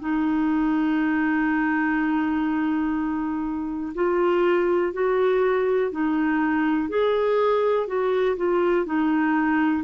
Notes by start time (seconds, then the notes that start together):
0.00 D#4
3.95 F4
4.93 F#4
5.92 D#4
6.89 G#4
7.87 F#4
8.37 F4
8.86 D#4